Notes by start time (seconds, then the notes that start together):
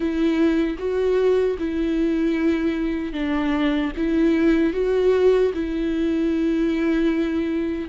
0.00 E4
0.78 F#4
1.58 E4
3.12 D4
3.96 E4
4.73 F#4
5.54 E4